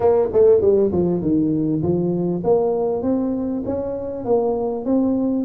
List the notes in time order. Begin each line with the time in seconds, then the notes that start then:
0.00 A#3
0.33 A3
0.61 G3
0.92 F3
1.21 D#3
1.82 F3
2.44 A#3
3.02 C4
3.65 C#4
4.24 A#3
4.85 C4